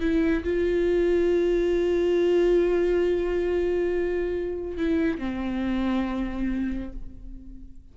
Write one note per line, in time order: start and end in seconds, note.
0.00 0.43 E4
0.44 4.77 F4
4.77 5.19 E4
5.19 6.92 C4